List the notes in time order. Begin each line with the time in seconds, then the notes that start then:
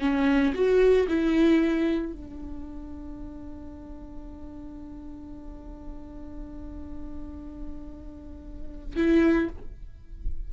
0.00 C#4
0.54 F#4
1.08 E4
2.12 D4
8.96 E4